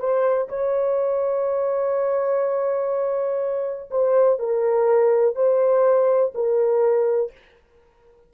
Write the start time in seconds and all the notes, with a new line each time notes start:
0.00 C5
0.49 C#5
3.91 C5
4.39 A#4
5.36 C5
6.35 A#4